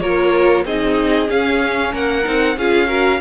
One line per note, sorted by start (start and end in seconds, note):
0.00 0.65 A#3
0.00 0.64 F4
0.00 0.65 A#4
0.00 0.64 C#5
0.65 1.29 C4
0.65 1.27 D#4
0.65 1.92 G#4
0.65 1.30 D#5
1.27 2.23 C#4
1.27 1.94 C#4
1.27 1.94 F5
1.92 2.26 A#3
1.92 2.56 A#4
1.92 2.58 F#5
2.23 2.57 C4
2.23 2.55 D#4
2.57 3.20 C#4
2.57 2.87 F4
2.57 2.87 G#4
2.57 3.20 F5
2.87 3.19 F#4
2.87 3.19 A#4